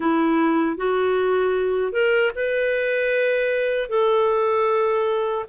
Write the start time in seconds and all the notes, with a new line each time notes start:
0.00 E4
0.77 F#4
1.92 A#4
2.35 B4
3.89 A4